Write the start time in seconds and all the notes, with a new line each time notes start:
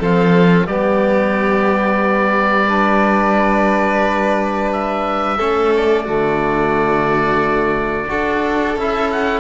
0.00 F3 C4 A4 F5
0.67 G3 B3 G4 D5
2.68 D4 B4
4.72 E5
5.38 A3 C#4 A4
5.77 D5
6.05 D3 A3 F#4
8.09 D4 F#4 A4
8.77 C#4 E4 E5
9.12 F#5